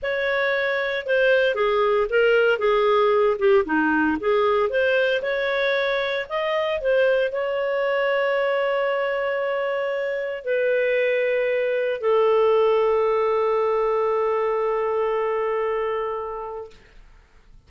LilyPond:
\new Staff \with { instrumentName = "clarinet" } { \time 4/4 \tempo 4 = 115 cis''2 c''4 gis'4 | ais'4 gis'4. g'8 dis'4 | gis'4 c''4 cis''2 | dis''4 c''4 cis''2~ |
cis''1 | b'2. a'4~ | a'1~ | a'1 | }